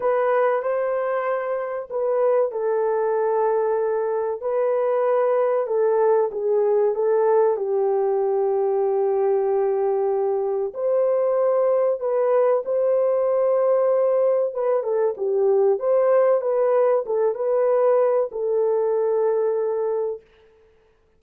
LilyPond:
\new Staff \with { instrumentName = "horn" } { \time 4/4 \tempo 4 = 95 b'4 c''2 b'4 | a'2. b'4~ | b'4 a'4 gis'4 a'4 | g'1~ |
g'4 c''2 b'4 | c''2. b'8 a'8 | g'4 c''4 b'4 a'8 b'8~ | b'4 a'2. | }